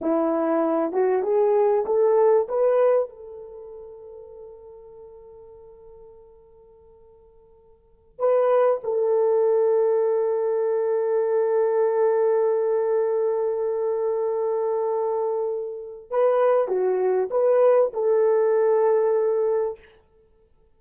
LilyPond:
\new Staff \with { instrumentName = "horn" } { \time 4/4 \tempo 4 = 97 e'4. fis'8 gis'4 a'4 | b'4 a'2.~ | a'1~ | a'4~ a'16 b'4 a'4.~ a'16~ |
a'1~ | a'1~ | a'2 b'4 fis'4 | b'4 a'2. | }